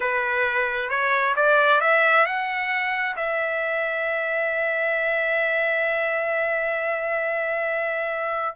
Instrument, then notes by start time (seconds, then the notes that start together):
trumpet
0.00 B4
0.89 C#5
1.36 D5
1.80 E5
2.26 F#5
3.16 E5